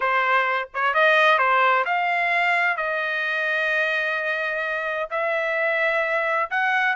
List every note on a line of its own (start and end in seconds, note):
0.00 0.68 C5
0.73 0.93 C#5
0.93 1.38 D#5
1.38 1.85 C5
1.85 2.77 F5
2.77 5.09 D#5
5.10 6.50 E5
6.50 6.95 F#5